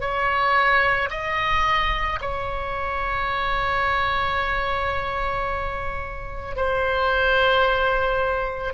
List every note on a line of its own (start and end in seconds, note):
0.00 1.09 C#5
1.10 2.19 D#5
2.21 6.56 C#5
6.56 8.73 C5